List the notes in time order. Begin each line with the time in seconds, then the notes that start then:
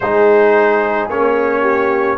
0.00 G#3 D#4 G#4 C5
1.09 A#3 C#4 C#5
1.61 G4